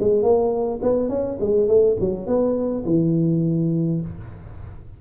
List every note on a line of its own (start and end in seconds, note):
0.00 0.23 G#3
0.23 0.81 A#3
0.82 1.09 B3
1.09 1.38 C#4
1.41 1.68 G#3
1.68 1.97 A3
2.00 2.27 F#3
2.27 2.85 B3
2.86 4.01 E3